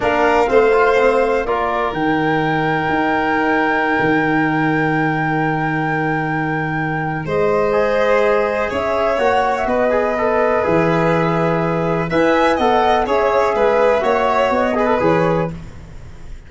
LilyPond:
<<
  \new Staff \with { instrumentName = "flute" } { \time 4/4 \tempo 4 = 124 f''2. d''4 | g''1~ | g''1~ | g''2. dis''4~ |
dis''2 e''4 fis''8. e''16 | dis''2 e''2~ | e''4 gis''4 fis''4 e''4~ | e''2 dis''4 cis''4 | }
  \new Staff \with { instrumentName = "violin" } { \time 4/4 ais'4 c''2 ais'4~ | ais'1~ | ais'1~ | ais'2. c''4~ |
c''2 cis''2 | b'1~ | b'4 e''4 dis''4 cis''4 | b'4 cis''4. b'4. | }
  \new Staff \with { instrumentName = "trombone" } { \time 4/4 d'4 c'8 f'8 c'4 f'4 | dis'1~ | dis'1~ | dis'1 |
gis'2. fis'4~ | fis'8 gis'8 a'4 gis'2~ | gis'4 b'4 a'4 gis'4~ | gis'4 fis'4. gis'16 a'16 gis'4 | }
  \new Staff \with { instrumentName = "tuba" } { \time 4/4 ais4 a2 ais4 | dis2 dis'2~ | dis'16 dis2.~ dis8.~ | dis2. gis4~ |
gis2 cis'4 ais4 | b2 e2~ | e4 e'4 b4 cis'4 | gis4 ais4 b4 e4 | }
>>